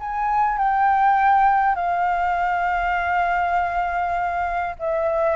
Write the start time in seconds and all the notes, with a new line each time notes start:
0.00 G#5
0.58 G5
1.76 F5
4.79 E5